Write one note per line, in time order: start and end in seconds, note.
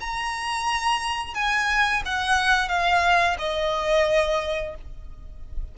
0.00 1.34 A#5
1.34 2.02 G#5
2.05 2.68 F#5
2.68 3.36 F5
3.38 4.75 D#5